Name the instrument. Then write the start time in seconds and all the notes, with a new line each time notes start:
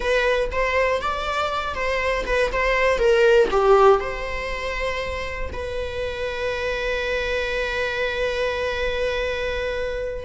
viola
0.00 B4
0.51 C5
1.01 D5
1.74 C5
2.25 B4
2.52 C5
2.98 A#4
3.50 G4
4.00 C5
5.52 B4